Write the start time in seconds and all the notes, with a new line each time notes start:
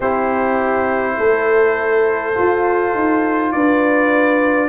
0.00 C4 E4 G4 C5
1.17 A3 A4
2.34 F4
2.94 D#4
3.52 D4 B4 D5